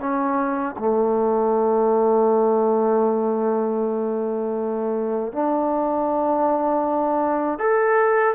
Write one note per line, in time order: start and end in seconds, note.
0.00 0.76 C#4
0.79 5.33 A3
5.33 7.59 D4
7.59 8.35 A4